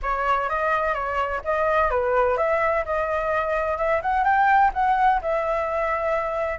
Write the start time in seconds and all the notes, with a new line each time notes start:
0.02 C#5
0.49 D#5
0.94 C#5
1.44 D#5
1.90 B4
2.37 E5
2.85 D#5
3.77 E5
4.02 F#5
4.24 G5
4.73 F#5
5.21 E5